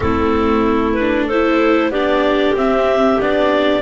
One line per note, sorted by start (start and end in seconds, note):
0.00 1.89 A3
0.00 0.96 C4
0.00 1.26 E4
0.00 0.93 A4
0.93 1.25 B4
1.01 1.32 D4
1.26 1.92 E4
1.26 1.90 A4
1.26 1.91 C5
1.89 2.53 B3
1.89 2.56 D4
1.89 3.82 G4
1.89 2.55 D5
2.53 3.17 C4
2.53 3.19 C4
2.53 3.21 E5
3.20 3.82 B3
3.20 3.82 D4
3.20 3.82 D5